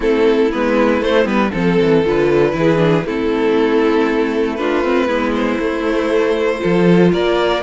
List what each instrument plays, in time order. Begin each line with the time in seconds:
0.00 cello A3, viola C4, violin E4 A4
0.51 cello G#3, viola B3, violin B4
1.01 viola A3, cello A3, violin C5
1.24 cello G3, viola B3, violin B4
1.50 cello F3, viola C4, violin A4
1.80 cello E3
2.05 cello D3, viola F4, violin B4
2.52 cello E3, viola E4, violin G#4
2.76 viola D4
3.05 cello A3, viola C4, violin E4 A4
4.55 viola D4, violin F4 B4
4.83 viola C4
5.07 cello G#3, viola B3, violin E4
5.34 violin C5
5.58 cello A3, viola A3
6.58 viola F4, violin A4
6.64 cello F3
7.12 cello A#3, violin A#4 D5